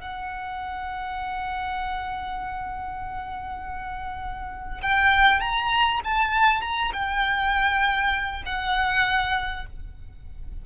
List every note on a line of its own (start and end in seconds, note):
0.00 4.80 F#5
4.82 5.40 G5
5.40 6.00 A#5
6.04 6.61 A5
6.61 6.91 A#5
6.93 8.43 G5
8.45 9.65 F#5